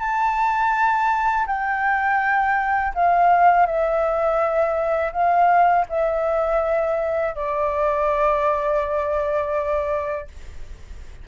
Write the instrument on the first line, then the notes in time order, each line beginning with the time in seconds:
flute
0.00 A5
1.47 G5
2.95 F5
3.67 E5
5.13 F5
5.89 E5
7.36 D5